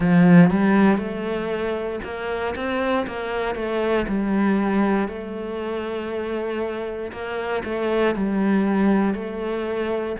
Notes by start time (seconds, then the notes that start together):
0.00 F3
0.50 G3
0.98 A3
2.03 A#3
2.55 C4
3.06 A#3
3.55 A3
4.08 G3
5.08 A3
7.12 A#3
7.64 A3
8.14 G3
9.14 A3